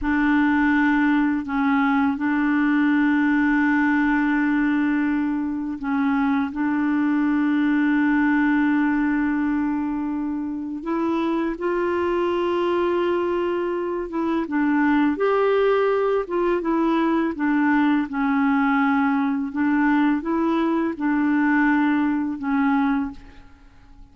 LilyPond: \new Staff \with { instrumentName = "clarinet" } { \time 4/4 \tempo 4 = 83 d'2 cis'4 d'4~ | d'1 | cis'4 d'2.~ | d'2. e'4 |
f'2.~ f'8 e'8 | d'4 g'4. f'8 e'4 | d'4 cis'2 d'4 | e'4 d'2 cis'4 | }